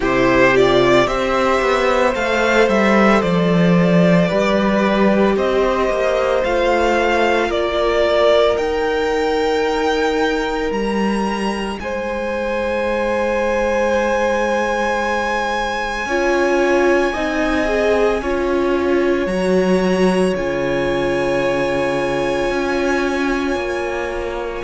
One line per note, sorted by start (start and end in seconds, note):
0.00 1.07 C3
0.00 0.53 E4
0.00 1.05 G4
0.00 0.56 C5
0.55 1.06 F4
0.55 1.07 D5
1.06 1.60 C4
1.06 2.13 G4
1.06 4.28 C5
1.06 2.14 E5
1.61 2.15 B3
2.14 2.68 A3
2.14 4.28 A4
2.14 2.68 F5
2.68 3.22 G3
2.68 3.21 E5
3.21 4.29 F3
3.21 5.35 D5
4.28 5.36 G3
4.28 6.42 G4
4.28 5.35 B4
5.35 5.89 C4
5.35 7.48 C5
5.35 6.44 D#5
5.89 6.43 A#3
6.44 7.49 A3
6.44 8.57 F4
6.44 7.50 F5
7.48 8.56 A#3
7.48 11.76 A#4
7.48 8.57 D5
8.57 10.71 D#4
8.57 16.07 D#4
8.57 10.71 G5
10.71 11.78 G3
10.71 11.79 A#5
11.79 16.05 G#3
11.79 16.07 C5
11.79 19.26 G#5
16.05 17.12 C#4
16.05 17.14 F4
16.05 17.13 C#5
17.13 18.21 C4
17.13 17.65 D#4
17.13 18.21 D#5
17.65 18.19 G#4
18.21 19.26 C#4
18.21 19.27 F4
18.21 24.64 C#5
19.26 20.33 F#3
19.26 20.34 F#4
19.26 20.33 A#5
20.35 22.50 C#3
20.35 24.64 F4
20.35 24.64 G#5
22.50 23.55 C#4
23.55 24.62 A#3